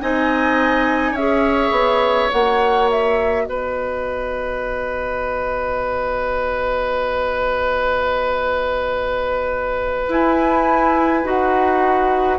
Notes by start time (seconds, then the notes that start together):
0.00 C4 D#4 D#5 G#5
1.11 C#4 C#5 E5
1.18 G#4
1.71 B3
2.29 A#3 F#4 F#5
2.90 E5
3.44 B3 B4 D#5
10.07 E4 G#5
11.23 D#4 F#4 F#5